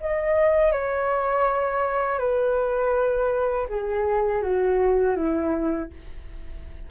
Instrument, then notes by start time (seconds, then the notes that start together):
flute
0.00 D#5
0.72 C#5
2.19 B4
3.69 G#4
4.42 F#4
5.16 E4